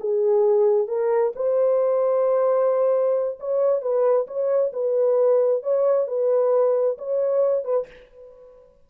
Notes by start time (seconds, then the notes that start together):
0.00 G#4
0.88 A#4
1.36 C5
3.40 C#5
3.82 B4
4.27 C#5
4.73 B4
5.63 C#5
6.08 B4
6.98 C#5
7.65 B4